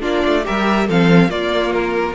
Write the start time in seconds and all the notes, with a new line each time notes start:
0.00 A#3 D4 F4 D5
0.25 A3
0.44 G3 G4 A#4 E5
0.88 F3 C4 A4 F5
1.29 A#3 F4 D5
1.73 A#4